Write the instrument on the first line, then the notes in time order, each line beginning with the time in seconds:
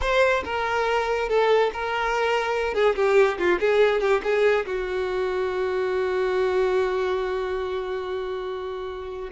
violin
0.01 C5
0.44 A#4
1.28 A4
1.73 A#4
2.74 G#4
2.95 G4
3.38 F4
3.60 G#4
4.00 G4
4.23 G#4
4.65 F#4